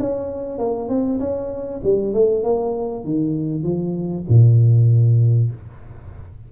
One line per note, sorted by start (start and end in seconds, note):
0.00 0.58 C#4
0.58 0.89 A#3
0.89 1.20 C4
1.20 1.81 C#4
1.84 2.14 G3
2.14 2.44 A3
2.44 3.05 A#3
3.05 3.64 D#3
3.64 4.25 F3
4.29 5.52 A#2